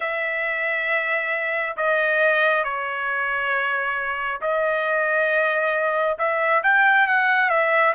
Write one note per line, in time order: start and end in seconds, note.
0.00 1.76 E5
1.76 2.64 D#5
2.64 4.40 C#5
4.41 6.18 D#5
6.18 6.62 E5
6.63 7.07 G5
7.07 7.49 F#5
7.49 7.93 E5